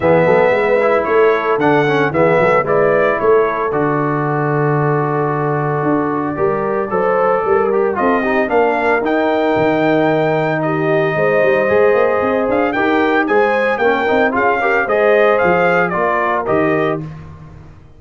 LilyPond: <<
  \new Staff \with { instrumentName = "trumpet" } { \time 4/4 \tempo 4 = 113 e''2 cis''4 fis''4 | e''4 d''4 cis''4 d''4~ | d''1~ | d''2. dis''4 |
f''4 g''2. | dis''2.~ dis''8 f''8 | g''4 gis''4 g''4 f''4 | dis''4 f''4 d''4 dis''4 | }
  \new Staff \with { instrumentName = "horn" } { \time 4/4 gis'8 a'8 b'4 a'2 | gis'8 a'8 b'4 a'2~ | a'1 | ais'4 c''4 ais'4 a'8 g'8 |
ais'1 | g'4 c''2. | ais'4 c''4 ais'4 gis'8 ais'8 | c''2 ais'2 | }
  \new Staff \with { instrumentName = "trombone" } { \time 4/4 b4. e'4. d'8 cis'8 | b4 e'2 fis'4~ | fis'1 | g'4 a'4. g'8 f'8 dis'8 |
d'4 dis'2.~ | dis'2 gis'2 | g'4 gis'4 cis'8 dis'8 f'8 g'8 | gis'2 f'4 g'4 | }
  \new Staff \with { instrumentName = "tuba" } { \time 4/4 e8 fis8 gis4 a4 d4 | e8 fis8 gis4 a4 d4~ | d2. d'4 | g4 fis4 g4 c'4 |
ais4 dis'4 dis2~ | dis4 gis8 g8 gis8 ais8 c'8 d'8 | dis'4 gis4 ais8 c'8 cis'4 | gis4 f4 ais4 dis4 | }
>>